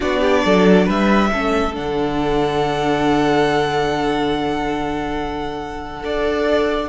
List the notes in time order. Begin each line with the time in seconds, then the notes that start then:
0.00 B3 D4 F#4 D5
0.20 G4
0.45 F#3 A4
0.85 G3 B4 E5
1.32 A3 C#4 A4
1.73 D3 D4 F#5
6.00 D4 A4 D5